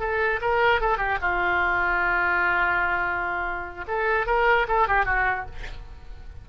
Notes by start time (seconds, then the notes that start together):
0.00 A4
0.42 A#4
0.81 A4
0.98 G4
1.22 F4
3.88 A4
4.27 A#4
4.68 A4
4.88 G4
5.06 F#4